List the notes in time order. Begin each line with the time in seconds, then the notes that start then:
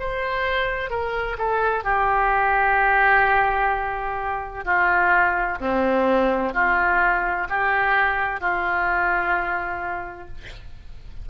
0.00 C5
0.90 A#4
1.38 A4
1.85 G4
4.65 F4
5.61 C4
6.54 F4
7.50 G4
8.41 F4